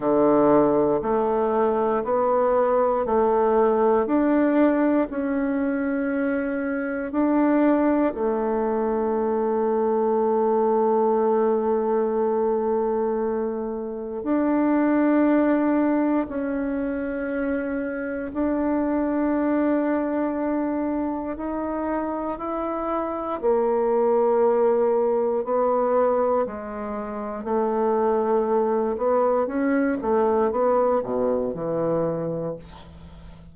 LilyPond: \new Staff \with { instrumentName = "bassoon" } { \time 4/4 \tempo 4 = 59 d4 a4 b4 a4 | d'4 cis'2 d'4 | a1~ | a2 d'2 |
cis'2 d'2~ | d'4 dis'4 e'4 ais4~ | ais4 b4 gis4 a4~ | a8 b8 cis'8 a8 b8 b,8 e4 | }